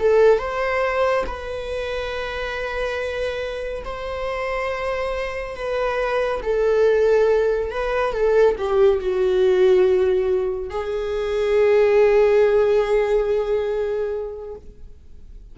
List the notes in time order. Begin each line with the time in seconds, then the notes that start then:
0.00 A4
0.39 C5
1.27 B4
3.85 C5
5.56 B4
6.43 A4
7.71 B4
8.14 A4
8.58 G4
9.00 F#4
10.70 G#4